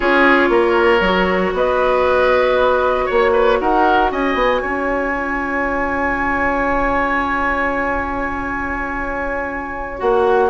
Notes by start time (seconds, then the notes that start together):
0.00 C#4 F4 G#4 C#5
0.49 A#3 A#4
1.00 F#3 F#4
1.53 B3 B4 D#5
3.05 A#3 C#5
3.11 C#5
3.32 B4
3.59 D#4 A#4 F#5
4.11 C#4 D#5 G#5
4.34 B3
4.61 C#4 C#5
5.12 F4
9.97 A#3 F#4 F#5